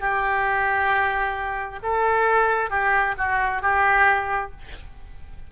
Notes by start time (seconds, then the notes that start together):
0.00 G4
1.83 A4
2.70 G4
3.18 F#4
3.62 G4